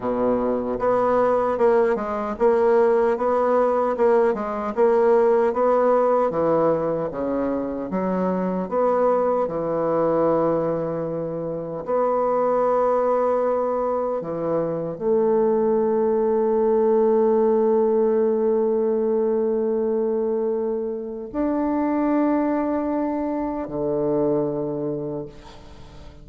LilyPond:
\new Staff \with { instrumentName = "bassoon" } { \time 4/4 \tempo 4 = 76 b,4 b4 ais8 gis8 ais4 | b4 ais8 gis8 ais4 b4 | e4 cis4 fis4 b4 | e2. b4~ |
b2 e4 a4~ | a1~ | a2. d'4~ | d'2 d2 | }